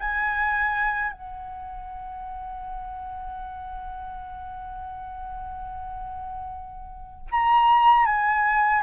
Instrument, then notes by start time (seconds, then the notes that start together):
flute
0.00 G#5
1.12 F#5
7.32 A#5
8.06 G#5